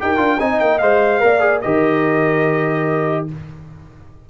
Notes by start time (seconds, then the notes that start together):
0.00 D#4 G4 A#4 G5
0.17 D4 F4
0.38 C4 D#4 D#5 G#5
0.60 A#3 G5
0.79 G#3 C5 F5
1.21 A#3 A#4 D5
1.40 G#4
1.62 D#3 G4 A#4 D#5